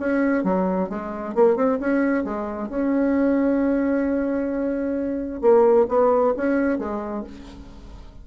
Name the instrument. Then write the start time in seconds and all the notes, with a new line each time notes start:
bassoon
0.00 C#4
0.44 F#3
0.89 G#3
1.35 A#3
1.56 C4
1.80 C#4
2.24 G#3
2.69 C#4
5.41 A#3
5.89 B3
6.37 C#4
6.79 G#3